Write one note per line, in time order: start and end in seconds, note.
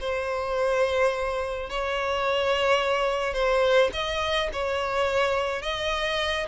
0.00 1.70 C5
1.70 3.34 C#5
3.34 3.91 C5
3.93 4.50 D#5
4.53 5.62 C#5
5.62 6.47 D#5